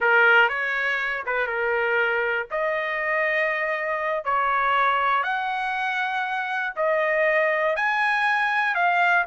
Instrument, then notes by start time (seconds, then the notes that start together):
trumpet
0.00 A#4
0.48 C#5
1.25 B4
1.46 A#4
2.50 D#5
4.24 C#5
5.23 F#5
6.76 D#5
7.75 G#5
8.74 F5